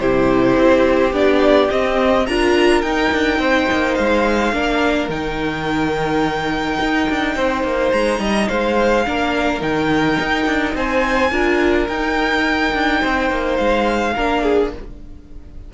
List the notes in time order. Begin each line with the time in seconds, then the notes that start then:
0.00 C3 E4 G4 C5
0.57 C4
1.13 B3 D4 D5
1.71 C4 D#5
2.27 D4 F4 A#4 A#5
2.82 D#4 G5
3.12 D4
3.39 C4 C5
3.72 A#3
3.95 G#3 F5
4.53 A#3 D4 A#4
5.09 D#3 D#4 G5
6.80 D#4
7.10 D4
7.36 C4 C5
7.64 A#3
7.92 G#3 A#5
8.20 G3 D#5
8.49 G#3 C5 F5
9.06 A#3 D4 A#4
9.60 D#3 D#4 G5
10.21 D#4
10.46 D4
10.75 C4 C5 G#5
11.31 D4 F4 A#4
11.88 D#4 G5
12.74 D4
13.01 C4 C5
13.31 A#3
13.57 G#3 F5
14.16 A#3 D4 A#4
14.43 G#4